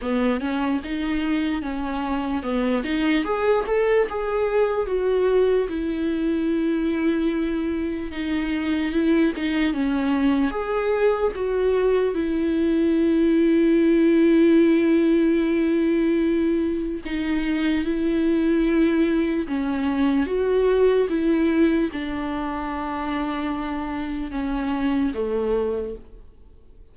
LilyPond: \new Staff \with { instrumentName = "viola" } { \time 4/4 \tempo 4 = 74 b8 cis'8 dis'4 cis'4 b8 dis'8 | gis'8 a'8 gis'4 fis'4 e'4~ | e'2 dis'4 e'8 dis'8 | cis'4 gis'4 fis'4 e'4~ |
e'1~ | e'4 dis'4 e'2 | cis'4 fis'4 e'4 d'4~ | d'2 cis'4 a4 | }